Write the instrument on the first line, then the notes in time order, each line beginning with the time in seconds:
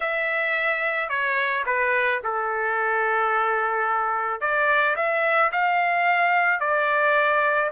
trumpet
0.00 E5
1.09 C#5
1.66 B4
2.23 A4
4.40 D5
4.96 E5
5.52 F5
6.60 D5